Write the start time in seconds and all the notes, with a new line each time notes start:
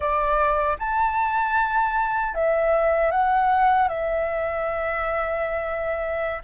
0.00 D5
0.78 A5
2.34 E5
3.11 F#5
3.88 E5